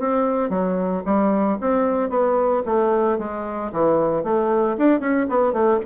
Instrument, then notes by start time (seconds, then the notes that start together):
bassoon
0.00 C4
0.50 F#3
1.05 G3
1.61 C4
2.10 B3
2.66 A3
3.19 G#3
3.73 E3
4.24 A3
4.78 D4
5.01 C#4
5.30 B3
5.53 A3